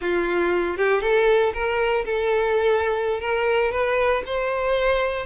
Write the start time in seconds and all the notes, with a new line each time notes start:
0.01 F4
0.77 G4
1.01 A4
1.53 A#4
2.05 A4
3.20 A#4
3.71 B4
4.25 C5